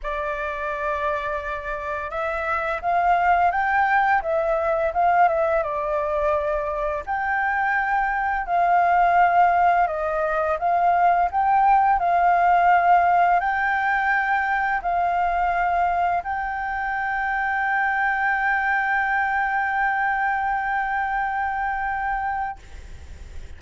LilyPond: \new Staff \with { instrumentName = "flute" } { \time 4/4 \tempo 4 = 85 d''2. e''4 | f''4 g''4 e''4 f''8 e''8 | d''2 g''2 | f''2 dis''4 f''4 |
g''4 f''2 g''4~ | g''4 f''2 g''4~ | g''1~ | g''1 | }